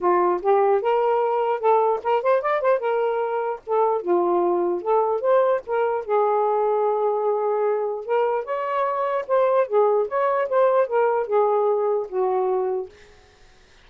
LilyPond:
\new Staff \with { instrumentName = "saxophone" } { \time 4/4 \tempo 4 = 149 f'4 g'4 ais'2 | a'4 ais'8 c''8 d''8 c''8 ais'4~ | ais'4 a'4 f'2 | a'4 c''4 ais'4 gis'4~ |
gis'1 | ais'4 cis''2 c''4 | gis'4 cis''4 c''4 ais'4 | gis'2 fis'2 | }